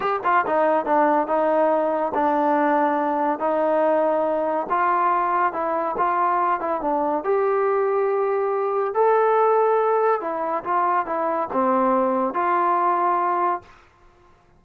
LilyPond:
\new Staff \with { instrumentName = "trombone" } { \time 4/4 \tempo 4 = 141 g'8 f'8 dis'4 d'4 dis'4~ | dis'4 d'2. | dis'2. f'4~ | f'4 e'4 f'4. e'8 |
d'4 g'2.~ | g'4 a'2. | e'4 f'4 e'4 c'4~ | c'4 f'2. | }